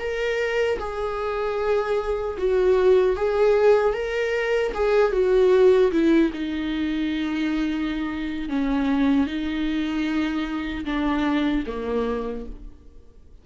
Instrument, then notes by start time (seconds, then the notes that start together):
viola
0.00 A#4
0.80 G#4
2.38 F#4
3.17 G#4
3.94 A#4
4.75 G#4
5.13 F#4
5.92 E4
6.33 D#4
8.49 C#4
9.27 D#4
10.85 D4
11.67 A#3